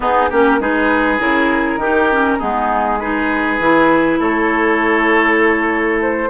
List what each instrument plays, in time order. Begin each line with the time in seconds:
0.00 bassoon B3, clarinet B3, oboe D#4, flute G#4
0.29 bassoon A#3, clarinet C#4, oboe G4, flute A#4
0.60 bassoon G#3, clarinet D#4, oboe G#4, flute B4
1.18 bassoon C#3, clarinet E4, flute A#4
1.76 bassoon D#3, clarinet D#4, oboe G4
2.11 clarinet C#4
2.38 bassoon G#3, clarinet B3, oboe D#4, flute G#4
3.00 clarinet D#4, oboe G#4, flute B4
3.59 bassoon E3, clarinet E4
4.19 bassoon A3, oboe A4, flute C#5
6.01 flute C5